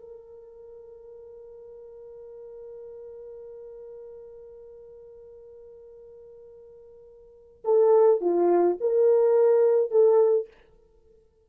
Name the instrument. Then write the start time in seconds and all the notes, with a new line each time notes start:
horn
0.00 A#4
7.65 A4
8.21 F4
8.81 A#4
9.92 A4